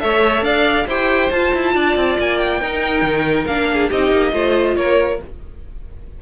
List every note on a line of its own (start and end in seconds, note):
0.00 0.42 A3
0.00 0.86 A4
0.00 0.44 C#5
0.00 0.44 E5
0.42 0.85 D4
0.42 0.86 D5
0.42 0.87 F5
0.86 1.30 E4
0.86 1.33 G4
0.86 1.73 C5
0.86 1.31 G5
1.31 1.53 F4
1.31 2.62 F4
1.31 2.17 A5
1.54 1.75 E4
1.75 1.96 D4
1.75 2.61 D5
1.96 2.18 C4
2.19 2.61 A#3
2.19 2.38 G#5
2.38 3.46 G5
2.61 3.02 D#4
2.61 3.48 D#4
2.61 3.69 A#4
3.02 3.45 D#3
3.46 3.90 A#3
3.46 3.91 D4
3.46 3.89 F5
3.73 3.89 G#4
3.89 4.11 C4
3.89 4.32 D#4
3.89 4.32 G4
3.89 4.76 D#5
4.11 4.33 A#3
4.32 4.76 A3
4.32 5.18 F4
4.32 4.77 C5
4.76 5.19 A#3
4.76 5.22 A#4
4.76 5.20 C#5